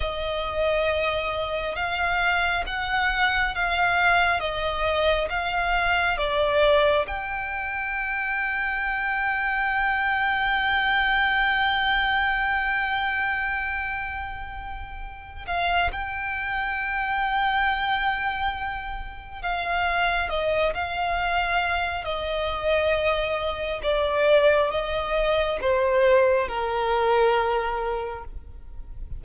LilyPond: \new Staff \with { instrumentName = "violin" } { \time 4/4 \tempo 4 = 68 dis''2 f''4 fis''4 | f''4 dis''4 f''4 d''4 | g''1~ | g''1~ |
g''4. f''8 g''2~ | g''2 f''4 dis''8 f''8~ | f''4 dis''2 d''4 | dis''4 c''4 ais'2 | }